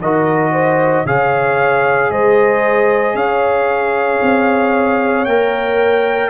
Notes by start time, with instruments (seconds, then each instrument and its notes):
0.00 tuba D#3, trombone F#4, horn A#4, trumpet D#5
0.53 horn C5
1.06 tuba C#3, trombone G#4, horn C#5, trumpet F5
2.11 tuba G#3, horn C5, trumpet D#5
3.15 tuba C#4, horn C#5, trumpet F5
4.22 tuba C4
5.25 tuba A#3, trombone A#4, trumpet G5